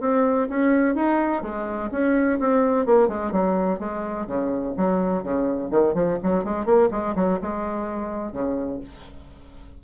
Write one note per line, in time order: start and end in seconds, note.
0.00 0.48 C4
0.49 0.95 C#4
0.95 1.42 D#4
1.42 1.89 G#3
1.91 2.39 C#4
2.39 2.85 C4
2.85 3.08 A#3
3.08 3.32 G#3
3.32 3.79 F#3
3.79 4.26 G#3
4.26 4.74 C#3
4.77 5.23 F#3
5.23 5.70 C#3
5.70 5.94 D#3
5.94 6.18 F3
6.23 6.44 F#3
6.44 6.65 G#3
6.65 6.89 A#3
6.91 7.15 G#3
7.15 7.39 F#3
7.41 8.32 G#3
8.32 8.80 C#3